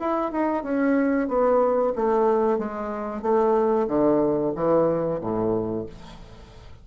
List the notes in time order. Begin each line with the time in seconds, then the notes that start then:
0.00 E4
0.32 D#4
0.63 C#4
1.28 B3
1.96 A3
2.59 G#3
3.22 A3
3.88 D3
4.55 E3
5.21 A2